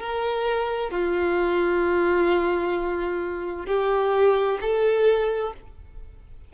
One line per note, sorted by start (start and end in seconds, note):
0.00 0.90 A#4
0.90 3.66 F4
3.66 4.58 G4
4.61 5.53 A4